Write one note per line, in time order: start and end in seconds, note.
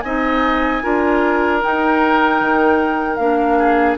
0.00 0.82 C4
0.00 0.82 D#4
0.00 0.83 D#5
0.00 1.58 G#5
0.82 1.63 D4
0.82 1.61 F4
0.82 3.58 A#4
1.61 3.19 D#4
1.61 2.41 D#4
1.61 3.16 G5
2.41 3.18 D#3
3.16 3.97 A#3
3.16 3.98 D4
3.16 3.95 F5
3.58 3.98 G#4